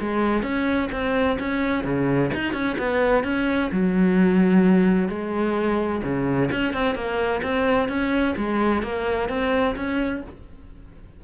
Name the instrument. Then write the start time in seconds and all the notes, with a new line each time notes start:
cello
0.00 G#3
0.42 C#4
0.92 C4
1.39 C#4
1.84 C#3
2.34 D#4
2.53 C#4
2.78 B3
3.24 C#4
3.71 F#3
5.08 G#3
6.03 C#3
6.51 C#4
6.73 C4
6.95 A#3
7.42 C4
7.88 C#4
8.37 G#3
8.82 A#3
9.29 C4
9.75 C#4